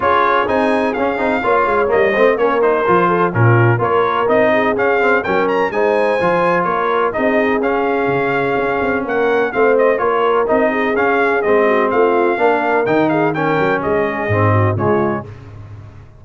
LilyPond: <<
  \new Staff \with { instrumentName = "trumpet" } { \time 4/4 \tempo 4 = 126 cis''4 gis''4 f''2 | dis''4 cis''8 c''4. ais'4 | cis''4 dis''4 f''4 g''8 ais''8 | gis''2 cis''4 dis''4 |
f''2. fis''4 | f''8 dis''8 cis''4 dis''4 f''4 | dis''4 f''2 g''8 f''8 | g''4 dis''2 cis''4 | }
  \new Staff \with { instrumentName = "horn" } { \time 4/4 gis'2. cis''4~ | cis''8 c''8 ais'4. a'8 f'4 | ais'4. gis'4. ais'4 | c''2 ais'4 gis'4~ |
gis'2. ais'4 | c''4 ais'4. gis'4.~ | gis'8 fis'8 f'4 ais'4. gis'8 | ais'4 gis'4. fis'8 f'4 | }
  \new Staff \with { instrumentName = "trombone" } { \time 4/4 f'4 dis'4 cis'8 dis'8 f'4 | ais8 c'8 cis'8 dis'8 f'4 cis'4 | f'4 dis'4 cis'8 c'8 cis'4 | dis'4 f'2 dis'4 |
cis'1 | c'4 f'4 dis'4 cis'4 | c'2 d'4 dis'4 | cis'2 c'4 gis4 | }
  \new Staff \with { instrumentName = "tuba" } { \time 4/4 cis'4 c'4 cis'8 c'8 ais8 gis8 | g8 a8 ais4 f4 ais,4 | ais4 c'4 cis'4 fis4 | gis4 f4 ais4 c'4 |
cis'4 cis4 cis'8 c'8 ais4 | a4 ais4 c'4 cis'4 | gis4 a4 ais4 dis4~ | dis8 fis8 gis4 gis,4 cis4 | }
>>